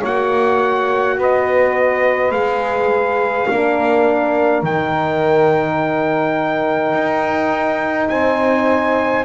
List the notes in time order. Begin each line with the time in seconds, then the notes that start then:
0.00 A#3 F#4 C#5 F#5
1.18 B3 B4 D#5
2.31 G#3 G#4 F5
3.49 A#3 D4 A#4
4.63 D#3 D#4 G5
6.94 D#4
8.09 C4 C5 G#5